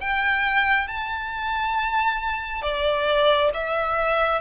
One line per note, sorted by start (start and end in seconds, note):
0.00 0.87 G5
0.87 2.62 A5
2.62 3.50 D5
3.54 4.41 E5